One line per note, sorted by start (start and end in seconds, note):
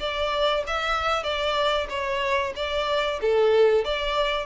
0.00 0.64 D5
0.67 1.23 E5
1.23 1.87 D5
1.89 2.53 C#5
2.56 3.20 D5
3.21 3.85 A4
3.85 4.46 D5